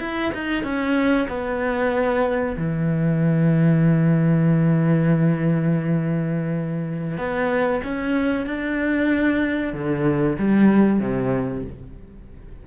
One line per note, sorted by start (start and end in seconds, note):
0.00 0.32 E4
0.34 0.64 D#4
0.64 1.28 C#4
1.29 2.56 B3
2.57 7.18 E3
7.18 7.82 B3
7.84 8.47 C#4
8.47 9.74 D4
9.74 10.38 D3
10.39 11.00 G3
11.00 11.64 C3